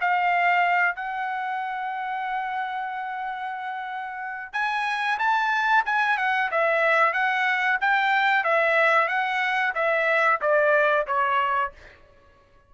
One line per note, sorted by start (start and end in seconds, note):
0.00 0.95 F5
0.95 4.52 F#5
4.52 5.18 G#5
5.18 5.84 A5
5.85 6.17 G#5
6.17 6.50 F#5
6.51 7.13 E5
7.13 7.78 F#5
7.80 8.44 G5
8.44 9.07 E5
9.07 9.73 F#5
9.74 10.40 E5
10.41 11.06 D5
11.07 11.72 C#5